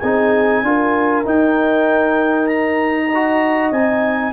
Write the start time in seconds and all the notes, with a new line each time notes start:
0.00 C4 D#4 G#4 G#5
0.63 D4 F4 A#4
1.26 D#4 G5
2.47 A#5
3.07 D#5
3.15 F#4
3.72 C4 D#4 G#5